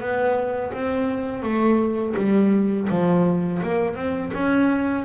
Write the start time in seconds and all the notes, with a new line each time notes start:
0.00 B3
0.73 C4
1.42 A3
2.16 G3
2.89 F3
3.62 A#3
3.95 C4
4.33 C#4